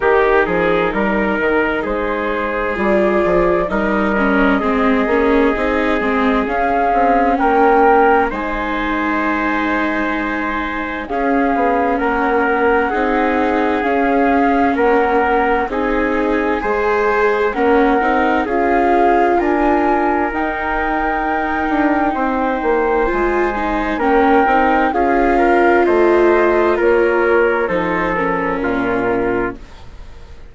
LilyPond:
<<
  \new Staff \with { instrumentName = "flute" } { \time 4/4 \tempo 4 = 65 ais'2 c''4 d''4 | dis''2. f''4 | g''4 gis''2. | f''4 fis''2 f''4 |
fis''4 gis''2 fis''4 | f''4 gis''4 g''2~ | g''4 gis''4 g''4 f''4 | dis''4 cis''4 c''8 ais'4. | }
  \new Staff \with { instrumentName = "trumpet" } { \time 4/4 g'8 gis'8 ais'4 gis'2 | ais'4 gis'2. | ais'4 c''2. | gis'4 ais'4 gis'2 |
ais'4 gis'4 c''4 ais'4 | gis'4 ais'2. | c''2 ais'4 gis'8 ais'8 | c''4 ais'4 a'4 f'4 | }
  \new Staff \with { instrumentName = "viola" } { \time 4/4 dis'2. f'4 | dis'8 cis'8 c'8 cis'8 dis'8 c'8 cis'4~ | cis'4 dis'2. | cis'2 dis'4 cis'4~ |
cis'4 dis'4 gis'4 cis'8 dis'8 | f'2 dis'2~ | dis'4 f'8 dis'8 cis'8 dis'8 f'4~ | f'2 dis'8 cis'4. | }
  \new Staff \with { instrumentName = "bassoon" } { \time 4/4 dis8 f8 g8 dis8 gis4 g8 f8 | g4 gis8 ais8 c'8 gis8 cis'8 c'8 | ais4 gis2. | cis'8 b8 ais4 c'4 cis'4 |
ais4 c'4 gis4 ais8 c'8 | cis'4 d'4 dis'4. d'8 | c'8 ais8 gis4 ais8 c'8 cis'4 | a4 ais4 f4 ais,4 | }
>>